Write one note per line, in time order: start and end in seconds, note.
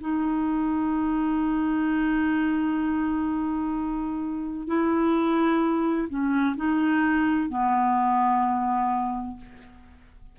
0.00 4.67 D#4
4.67 6.08 E4
6.09 6.56 C#4
6.57 7.50 D#4
7.50 9.37 B3